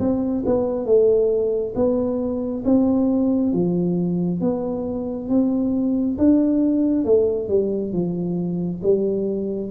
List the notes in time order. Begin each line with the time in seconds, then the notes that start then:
0.00 C4
0.46 B3
0.86 A3
1.76 B3
2.65 C4
3.53 F3
4.41 B3
5.29 C4
6.18 D4
7.05 A3
7.49 G3
7.93 F3
8.83 G3